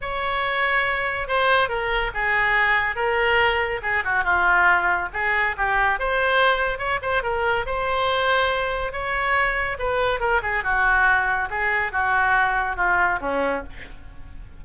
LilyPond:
\new Staff \with { instrumentName = "oboe" } { \time 4/4 \tempo 4 = 141 cis''2. c''4 | ais'4 gis'2 ais'4~ | ais'4 gis'8 fis'8 f'2 | gis'4 g'4 c''2 |
cis''8 c''8 ais'4 c''2~ | c''4 cis''2 b'4 | ais'8 gis'8 fis'2 gis'4 | fis'2 f'4 cis'4 | }